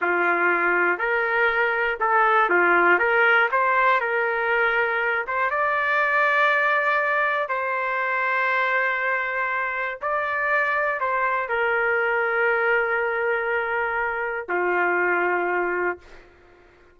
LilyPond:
\new Staff \with { instrumentName = "trumpet" } { \time 4/4 \tempo 4 = 120 f'2 ais'2 | a'4 f'4 ais'4 c''4 | ais'2~ ais'8 c''8 d''4~ | d''2. c''4~ |
c''1 | d''2 c''4 ais'4~ | ais'1~ | ais'4 f'2. | }